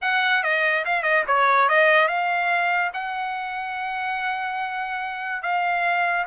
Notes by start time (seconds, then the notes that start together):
0.01 F#5
0.43 D#5
0.85 F5
1.02 D#5
1.27 C#5
1.69 D#5
2.08 F5
2.93 F#5
5.42 F5